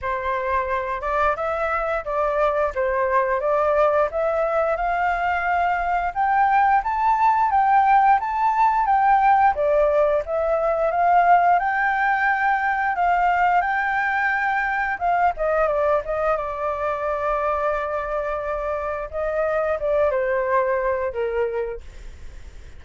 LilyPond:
\new Staff \with { instrumentName = "flute" } { \time 4/4 \tempo 4 = 88 c''4. d''8 e''4 d''4 | c''4 d''4 e''4 f''4~ | f''4 g''4 a''4 g''4 | a''4 g''4 d''4 e''4 |
f''4 g''2 f''4 | g''2 f''8 dis''8 d''8 dis''8 | d''1 | dis''4 d''8 c''4. ais'4 | }